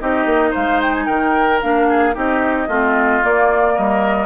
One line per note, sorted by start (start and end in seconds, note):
0.00 0.26 C4
0.00 1.61 D#4
0.00 0.51 G4
0.00 0.54 D#5
0.26 0.53 A#3
0.51 1.08 G#3
0.51 1.04 C5
0.51 0.82 F5
0.82 0.95 G5
0.95 1.06 G#5
1.06 1.61 D#3
1.06 1.87 A#4
1.06 1.60 G5
1.61 2.17 A#3
1.61 2.14 D4
1.61 2.16 F5
1.89 2.15 G#4
2.14 2.68 C4
2.14 2.67 D#4
2.14 2.68 G4
2.14 3.24 D#5
2.68 3.21 A3
2.68 3.23 C4
2.68 3.74 F4
3.23 4.26 A#3
3.23 3.78 A#3
3.23 3.78 D5
3.74 4.26 G3
3.74 4.26 A#4
3.74 4.26 D#5